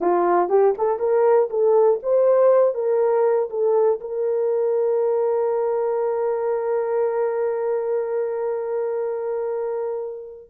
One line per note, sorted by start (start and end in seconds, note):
0.00 0.49 F4
0.49 0.74 G4
0.78 0.99 A4
0.99 1.49 A#4
1.50 2.00 A4
2.02 2.74 C5
2.74 3.49 A#4
3.50 4.00 A4
4.00 10.50 A#4